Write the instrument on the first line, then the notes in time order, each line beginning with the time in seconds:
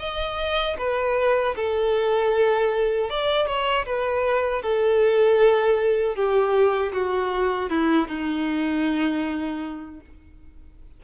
violin
0.00 D#5
0.78 B4
1.56 A4
3.10 D5
3.48 C#5
3.86 B4
4.63 A4
6.16 G4
6.93 F#4
7.70 E4
8.08 D#4